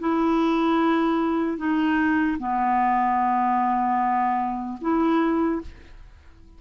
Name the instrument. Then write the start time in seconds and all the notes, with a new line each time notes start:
clarinet
0.00 E4
1.58 D#4
2.39 B3
4.81 E4